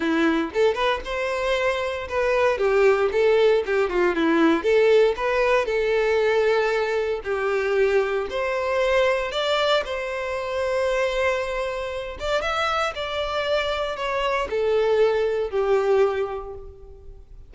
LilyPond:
\new Staff \with { instrumentName = "violin" } { \time 4/4 \tempo 4 = 116 e'4 a'8 b'8 c''2 | b'4 g'4 a'4 g'8 f'8 | e'4 a'4 b'4 a'4~ | a'2 g'2 |
c''2 d''4 c''4~ | c''2.~ c''8 d''8 | e''4 d''2 cis''4 | a'2 g'2 | }